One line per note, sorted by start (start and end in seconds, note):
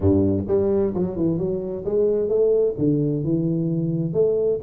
0.00 0.45 G2
0.47 0.93 G3
0.94 1.16 F#3
1.16 1.38 E3
1.38 1.84 F#3
1.85 2.28 G#3
2.28 2.74 A3
2.78 3.24 D3
3.24 4.13 E3
4.13 4.59 A3